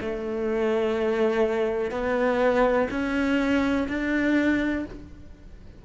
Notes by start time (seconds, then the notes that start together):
0.00 A3
1.91 B3
2.90 C#4
3.88 D4